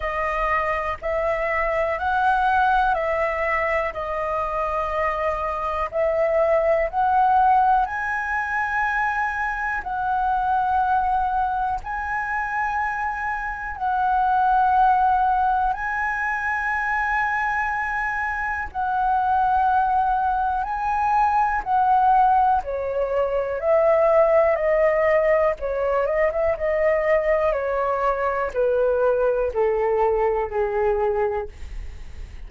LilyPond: \new Staff \with { instrumentName = "flute" } { \time 4/4 \tempo 4 = 61 dis''4 e''4 fis''4 e''4 | dis''2 e''4 fis''4 | gis''2 fis''2 | gis''2 fis''2 |
gis''2. fis''4~ | fis''4 gis''4 fis''4 cis''4 | e''4 dis''4 cis''8 dis''16 e''16 dis''4 | cis''4 b'4 a'4 gis'4 | }